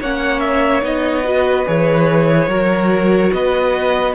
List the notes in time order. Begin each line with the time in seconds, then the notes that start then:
0.00 A#3 C#4 C#5 F#5
0.39 E5
0.81 B3 D#4 D#5
1.24 F#4 B4
1.66 E3 G#4 C#5
2.47 F#3 F#4 A#4
3.32 B3 B4 D#5